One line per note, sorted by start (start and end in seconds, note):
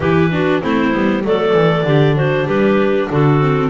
0.00 0.61 E3
0.00 0.31 E4
0.00 0.30 G4
0.00 0.62 B4
0.31 0.61 D4
0.31 0.60 F#4
0.60 0.93 A3
0.60 0.92 C4
0.60 1.22 E4
0.60 1.24 C5
0.92 1.24 G3
0.92 1.23 B3
1.24 1.53 F#3
1.24 1.85 A3
1.24 1.86 A4
1.24 2.17 D5
1.53 1.83 E3
1.83 2.45 D3
1.83 3.40 D4
1.83 2.15 G4
2.15 2.45 F#4
2.15 2.48 C5
2.45 3.08 G3
2.45 3.07 G4
2.45 3.10 B4
3.10 3.69 D3
3.10 3.69 F#4
3.10 3.69 A4
3.40 3.69 C4